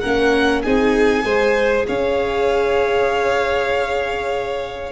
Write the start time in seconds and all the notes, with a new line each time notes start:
0.00 A#3 C#4 A#4 F#5
0.62 C4 D#4 G#4 G#5
1.22 G#3 G#4 C5
1.87 C#4 C#5 F5